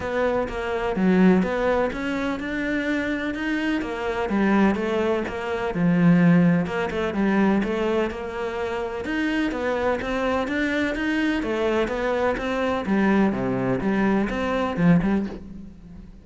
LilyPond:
\new Staff \with { instrumentName = "cello" } { \time 4/4 \tempo 4 = 126 b4 ais4 fis4 b4 | cis'4 d'2 dis'4 | ais4 g4 a4 ais4 | f2 ais8 a8 g4 |
a4 ais2 dis'4 | b4 c'4 d'4 dis'4 | a4 b4 c'4 g4 | c4 g4 c'4 f8 g8 | }